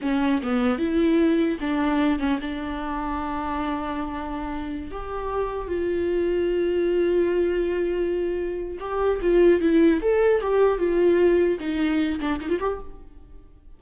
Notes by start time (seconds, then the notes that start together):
0.01 C#4
0.42 B3
0.78 E4
1.60 D4
2.19 C#4
2.41 D4
4.91 G4
5.67 F4
8.79 G4
9.21 F4
9.61 E4
10.01 A4
10.41 G4
10.78 F4
11.59 D#4
12.19 D4
12.40 D#4
12.49 F4
12.59 G4